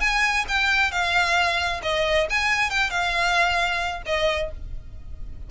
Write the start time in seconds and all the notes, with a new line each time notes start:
0.00 G#5
0.48 G5
0.91 F5
1.82 D#5
2.30 G#5
2.70 G5
2.90 F5
4.05 D#5